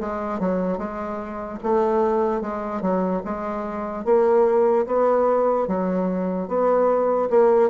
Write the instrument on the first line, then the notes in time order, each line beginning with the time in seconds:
bassoon
0.00 G#3
0.40 F#3
0.78 G#3
1.63 A3
2.41 G#3
2.82 F#3
3.25 G#3
4.05 A#3
4.86 B3
5.67 F#3
6.48 B3
7.30 A#3